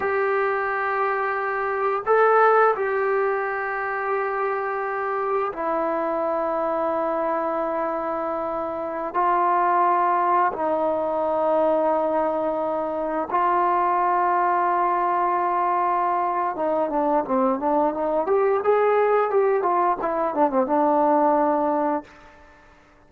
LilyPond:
\new Staff \with { instrumentName = "trombone" } { \time 4/4 \tempo 4 = 87 g'2. a'4 | g'1 | e'1~ | e'4~ e'16 f'2 dis'8.~ |
dis'2.~ dis'16 f'8.~ | f'1 | dis'8 d'8 c'8 d'8 dis'8 g'8 gis'4 | g'8 f'8 e'8 d'16 c'16 d'2 | }